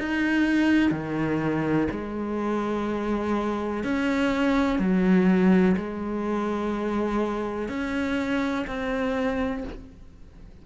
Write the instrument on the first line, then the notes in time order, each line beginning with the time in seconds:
cello
0.00 D#4
0.91 D#3
1.92 G#3
3.84 C#4
4.79 F#3
5.78 G#3
7.69 C#4
8.67 C4